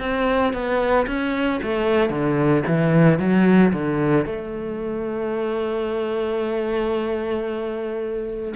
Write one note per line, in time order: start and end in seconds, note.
0.00 0.54 C4
0.54 1.07 B3
1.07 1.61 C#4
1.63 2.10 A3
2.10 2.63 D3
2.67 3.19 E3
3.19 3.73 F#3
3.73 4.26 D3
4.26 8.55 A3